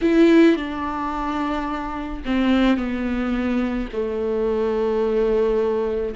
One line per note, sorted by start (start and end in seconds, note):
0.02 0.56 E4
0.56 2.22 D4
2.25 2.77 C4
2.77 3.88 B3
3.92 6.15 A3